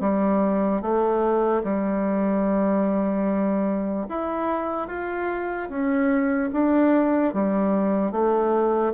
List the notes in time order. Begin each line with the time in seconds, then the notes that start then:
0.00 G3
0.81 A3
1.64 G3
4.09 E4
4.88 F4
5.69 C#4
6.52 D4
7.33 G3
8.12 A3